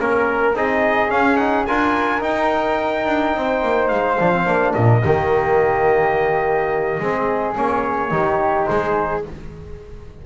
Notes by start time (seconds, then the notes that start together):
0.00 A#3 C#4 A#4
0.54 C4 D#4 G#4 D#5
1.09 C#4 F5
1.37 D#4 F#5
1.67 D4 F4 A#4 G#5
2.21 D#4 G5
3.07 D4
3.35 C4 C5
3.63 A#3
3.89 G#3 F5
4.20 F3 D4
4.33 C4
4.46 A#3 D4
4.72 A#2 A#4 D#5
5.05 D#3 A#3 G4
7.00 G#3 C4 G#4
7.55 A#3 C#4 C#5
8.10 D#3 D#4 G4
8.67 G#3 G#4 C5